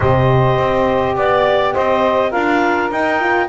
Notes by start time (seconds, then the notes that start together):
0.00 C3 G4 C5 D#5
0.58 C4
1.15 B3 D5
1.73 C4 C5 D#5
2.30 D4 F4 A#4 F5
2.91 D#4 G5
3.20 F4